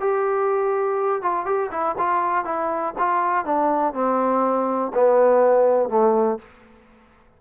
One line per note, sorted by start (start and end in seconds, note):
0.00 1.22 G4
1.22 1.46 F4
1.46 1.71 G4
1.71 1.96 E4
1.98 2.45 F4
2.45 2.94 E4
2.99 3.46 F4
3.46 3.94 D4
3.94 4.92 C4
4.94 5.89 B3
5.89 6.39 A3